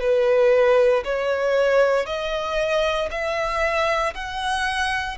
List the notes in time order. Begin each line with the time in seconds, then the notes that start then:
0.00 B4
1.04 C#5
2.06 D#5
3.11 E5
4.14 F#5